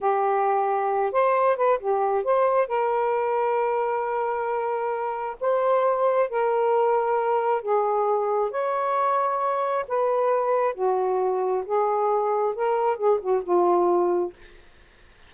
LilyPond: \new Staff \with { instrumentName = "saxophone" } { \time 4/4 \tempo 4 = 134 g'2~ g'8 c''4 b'8 | g'4 c''4 ais'2~ | ais'1 | c''2 ais'2~ |
ais'4 gis'2 cis''4~ | cis''2 b'2 | fis'2 gis'2 | ais'4 gis'8 fis'8 f'2 | }